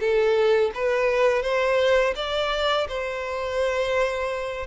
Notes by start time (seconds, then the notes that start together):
0.00 A4
0.75 B4
1.43 C5
2.16 D5
2.88 C5